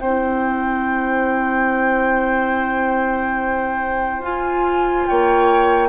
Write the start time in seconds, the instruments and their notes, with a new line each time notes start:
0.00 bassoon C4, clarinet E4, oboe C5, flute G5
4.19 bassoon F4, clarinet F4, flute G#5
5.07 bassoon A#3, oboe C#5, flute G5